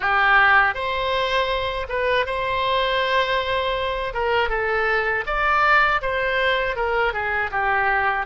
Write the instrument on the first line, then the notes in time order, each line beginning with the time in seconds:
oboe
0.00 G4
0.74 C5
1.88 B4
2.26 C5
4.13 A#4
4.49 A4
5.26 D5
6.01 C5
6.76 A#4
7.12 G#4
7.51 G4